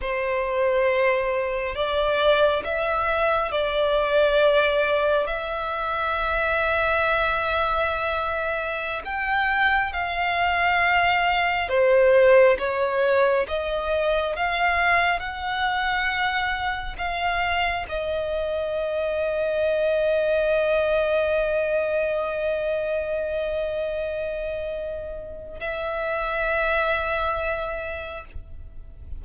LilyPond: \new Staff \with { instrumentName = "violin" } { \time 4/4 \tempo 4 = 68 c''2 d''4 e''4 | d''2 e''2~ | e''2~ e''16 g''4 f''8.~ | f''4~ f''16 c''4 cis''4 dis''8.~ |
dis''16 f''4 fis''2 f''8.~ | f''16 dis''2.~ dis''8.~ | dis''1~ | dis''4 e''2. | }